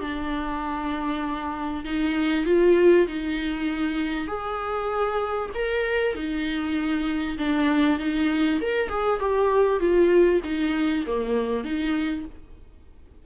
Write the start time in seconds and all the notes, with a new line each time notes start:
0.00 D4
1.84 D#4
2.45 F4
3.07 D#4
4.27 G#4
5.54 A#4
6.14 D#4
7.38 D4
7.99 D#4
8.60 A#4
8.89 G#4
9.19 G4
9.80 F4
10.43 D#4
11.06 A#3
11.64 D#4